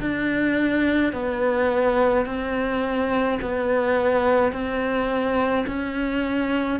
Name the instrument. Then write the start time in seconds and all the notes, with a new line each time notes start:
cello
0.00 D4
1.13 B3
2.26 C4
3.41 B3
4.52 C4
5.67 C#4